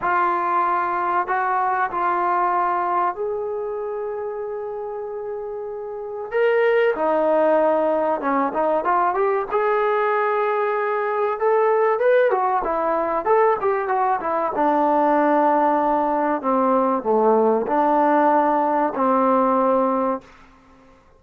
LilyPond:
\new Staff \with { instrumentName = "trombone" } { \time 4/4 \tempo 4 = 95 f'2 fis'4 f'4~ | f'4 gis'2.~ | gis'2 ais'4 dis'4~ | dis'4 cis'8 dis'8 f'8 g'8 gis'4~ |
gis'2 a'4 b'8 fis'8 | e'4 a'8 g'8 fis'8 e'8 d'4~ | d'2 c'4 a4 | d'2 c'2 | }